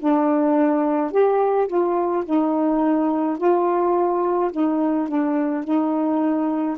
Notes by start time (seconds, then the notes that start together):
0.00 D4
1.12 G4
1.68 F4
2.25 D#4
3.38 F4
4.52 D#4
5.08 D4
5.64 D#4